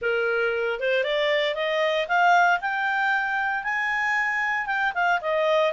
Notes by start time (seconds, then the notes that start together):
0.01 A#4
0.80 C5
1.03 D5
1.55 D#5
2.08 F5
2.60 G5
3.63 G#5
4.66 G5
4.94 F5
5.21 D#5